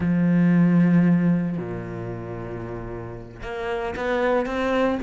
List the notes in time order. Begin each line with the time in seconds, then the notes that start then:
0.00 F3
1.57 A#2
3.42 A#3
3.96 B3
4.46 C4